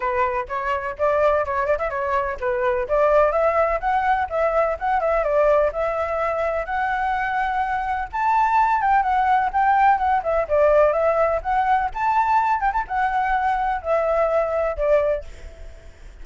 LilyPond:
\new Staff \with { instrumentName = "flute" } { \time 4/4 \tempo 4 = 126 b'4 cis''4 d''4 cis''8 d''16 e''16 | cis''4 b'4 d''4 e''4 | fis''4 e''4 fis''8 e''8 d''4 | e''2 fis''2~ |
fis''4 a''4. g''8 fis''4 | g''4 fis''8 e''8 d''4 e''4 | fis''4 a''4. g''16 a''16 fis''4~ | fis''4 e''2 d''4 | }